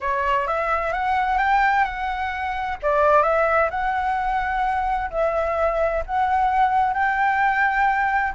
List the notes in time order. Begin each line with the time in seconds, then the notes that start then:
0.00 C#5
0.47 E5
0.93 F#5
1.38 G5
1.84 F#5
2.82 D5
3.22 E5
3.70 F#5
5.10 E5
6.05 F#5
6.93 G5